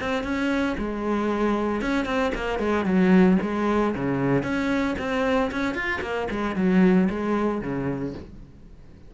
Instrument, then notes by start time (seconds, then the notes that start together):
cello
0.00 C4
0.23 C#4
0.78 G#3
1.82 C#4
2.06 C4
2.35 A#3
2.59 G#3
2.85 F#3
3.42 G#3
3.95 C#3
4.43 C#4
4.99 C4
5.51 C#4
5.74 F4
6.01 A#3
6.31 G#3
6.56 F#3
7.10 G#3
7.61 C#3